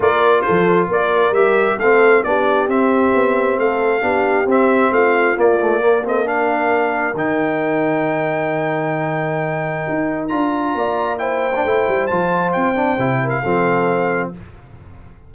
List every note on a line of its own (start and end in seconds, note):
0.00 0.45 A#3
0.00 1.34 F4
0.00 0.43 A#4
0.00 0.41 D5
0.41 0.89 A4
0.41 0.86 C5
0.49 0.88 F3
0.88 1.31 A#3
0.88 1.78 A#4
0.88 1.34 D5
1.31 1.75 G3
1.31 1.79 G4
1.31 1.78 E5
1.78 2.22 A3
1.78 2.25 C4
1.78 2.23 A4
1.78 2.23 F5
2.23 2.67 B3
2.23 2.68 D4
2.23 3.61 G4
2.23 2.68 D5
2.67 3.12 C4
2.67 4.01 C4
2.67 3.59 E5
3.14 3.58 B3
3.58 4.02 A3
3.58 4.03 A4
3.58 4.48 F5
4.01 4.45 B3
4.01 4.46 D4
4.01 4.92 G4
4.45 4.90 C4
4.45 5.36 C4
4.45 4.93 E5
4.91 5.36 A3
4.91 5.82 F4
4.91 5.37 F5
5.36 5.59 A#3
5.36 7.14 A#3
5.36 6.06 D5
5.60 5.81 A3
5.81 6.03 A#3
5.81 6.06 A#4
6.04 6.24 C4
6.04 6.28 A4
6.04 6.27 D#5
6.24 7.14 D4
6.24 10.76 A#4
6.24 7.17 F5
7.14 9.82 D#3
7.14 10.29 D#4
7.14 10.28 G5
9.88 10.32 D#4
10.28 10.75 D4
10.28 11.18 F4
10.28 11.17 A#5
10.75 11.64 A#3
10.75 11.20 D5
11.18 11.51 E4
11.18 13.22 C5
11.18 12.06 G5
11.55 11.66 D4
11.64 11.87 A3
11.64 12.10 E4
11.88 12.10 G3
12.06 12.55 F3
12.06 12.75 F4
12.06 12.51 A5
12.52 12.98 C4
12.52 13.29 G5
12.75 12.97 D4
12.98 13.42 C3
12.98 13.44 E4
13.23 13.41 A#4
13.23 14.30 F5
13.41 14.34 F3
13.41 14.33 C4
13.41 14.31 A4